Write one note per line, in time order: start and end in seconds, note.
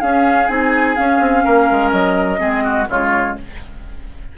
0.00 0.48 C#4
0.00 0.49 C#4
0.00 1.44 G#4
0.00 0.48 F5
0.48 0.96 C4
0.48 0.95 D#4
0.48 0.95 G#5
0.95 2.38 C#4
0.95 1.19 C#4
0.95 1.91 F5
1.19 1.43 C4
1.44 1.70 A#3
1.44 2.39 A#4
1.71 1.92 G#3
1.91 2.40 F#3
1.91 2.86 D#5
2.38 2.87 G#3
2.38 2.85 C4
2.38 2.63 G#4
2.64 2.87 F#4
2.89 3.36 C#3
2.89 3.37 G#3
2.89 3.37 F4
2.89 3.37 C#5